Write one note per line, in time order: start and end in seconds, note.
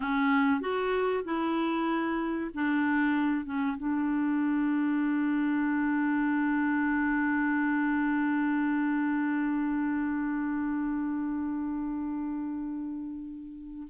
0.00 0.60 C#4
0.60 1.23 F#4
1.24 2.50 E4
2.53 3.45 D4
3.45 3.76 C#4
3.77 13.87 D4